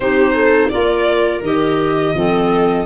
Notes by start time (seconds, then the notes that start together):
0.00 C4 D#4 G4 C5
0.33 A4
0.69 A#3 F4 A#4 D5
1.42 D#3 G4 D#5
2.14 F3 C4 A4